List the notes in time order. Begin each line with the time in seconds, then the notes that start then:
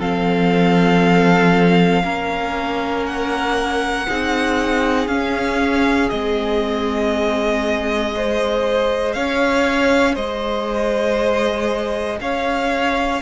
0.00 F3 C4 A4 F5
2.04 A#3 C#4 A#4
3.06 F#5
4.08 C4 D#4 G#4
5.08 C#4 F5
6.10 G#3 C4 D#5
8.13 G#4 C5
9.14 C#4 C#5 F5
10.15 G#3 C5 D#5
12.21 C#4 C#5 F5